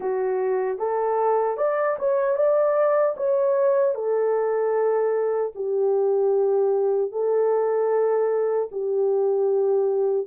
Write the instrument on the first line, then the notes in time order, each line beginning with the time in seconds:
horn
0.00 F#4
0.78 A4
1.57 D5
1.98 C#5
2.36 D5
3.17 C#5
3.95 A4
5.55 G4
7.11 A4
8.71 G4